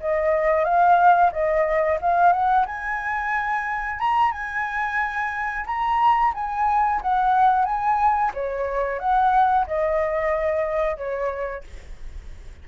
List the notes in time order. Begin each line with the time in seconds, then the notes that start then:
0.00 D#5
0.64 F5
1.32 D#5
2.01 F5
2.32 F#5
2.66 G#5
3.99 A#5
4.32 G#5
5.66 A#5
6.34 G#5
7.02 F#5
7.65 G#5
8.34 C#5
8.99 F#5
9.67 D#5
10.97 C#5